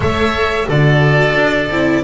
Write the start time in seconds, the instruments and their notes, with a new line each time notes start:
0.00 double bass A3, viola A4, oboe C#5, violin E5
0.67 double bass D3, viola F#4, oboe A4, violin D5
1.35 double bass D4
1.70 double bass C4, viola E4